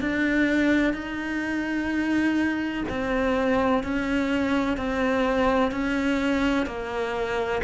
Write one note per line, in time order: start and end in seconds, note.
0.00 0.93 D4
0.93 2.84 D#4
2.89 3.83 C4
3.83 4.77 C#4
4.77 5.71 C4
5.71 6.66 C#4
6.66 7.61 A#3